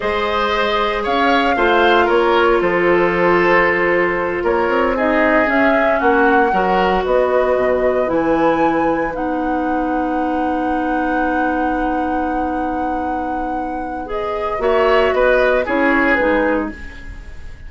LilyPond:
<<
  \new Staff \with { instrumentName = "flute" } { \time 4/4 \tempo 4 = 115 dis''2 f''2 | cis''4 c''2.~ | c''8 cis''4 dis''4 e''4 fis''8~ | fis''4. dis''2 gis''8~ |
gis''4. fis''2~ fis''8~ | fis''1~ | fis''2. dis''4 | e''4 dis''4 cis''4 b'4 | }
  \new Staff \with { instrumentName = "oboe" } { \time 4/4 c''2 cis''4 c''4 | ais'4 a'2.~ | a'8 ais'4 gis'2 fis'8~ | fis'8 ais'4 b'2~ b'8~ |
b'1~ | b'1~ | b'1 | cis''4 b'4 gis'2 | }
  \new Staff \with { instrumentName = "clarinet" } { \time 4/4 gis'2. f'4~ | f'1~ | f'4. dis'4 cis'4.~ | cis'8 fis'2. e'8~ |
e'4. dis'2~ dis'8~ | dis'1~ | dis'2. gis'4 | fis'2 e'4 dis'4 | }
  \new Staff \with { instrumentName = "bassoon" } { \time 4/4 gis2 cis'4 a4 | ais4 f2.~ | f8 ais8 c'4. cis'4 ais8~ | ais8 fis4 b4 b,4 e8~ |
e4. b2~ b8~ | b1~ | b1 | ais4 b4 cis'4 gis4 | }
>>